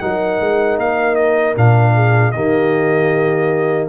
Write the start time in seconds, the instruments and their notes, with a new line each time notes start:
0.00 tuba F#3, trombone D#4, horn A#4, trumpet F#5
0.40 tuba G#3
0.77 tuba A#3, trumpet F5
1.15 trumpet D#5
1.55 tuba A#2, trombone D4, trumpet F5
1.94 horn G#4
2.32 tuba D#3, trombone A#3, horn G4, trumpet D#5